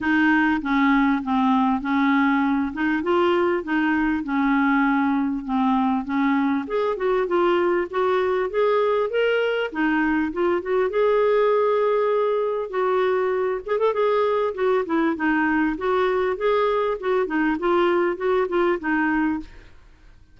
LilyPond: \new Staff \with { instrumentName = "clarinet" } { \time 4/4 \tempo 4 = 99 dis'4 cis'4 c'4 cis'4~ | cis'8 dis'8 f'4 dis'4 cis'4~ | cis'4 c'4 cis'4 gis'8 fis'8 | f'4 fis'4 gis'4 ais'4 |
dis'4 f'8 fis'8 gis'2~ | gis'4 fis'4. gis'16 a'16 gis'4 | fis'8 e'8 dis'4 fis'4 gis'4 | fis'8 dis'8 f'4 fis'8 f'8 dis'4 | }